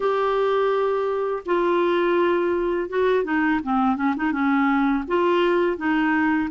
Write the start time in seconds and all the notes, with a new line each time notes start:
0.00 G4
1.45 F4
2.89 F#4
3.24 D#4
3.63 C4
3.96 C#4
4.16 D#4
4.31 C#4
5.07 F4
5.77 D#4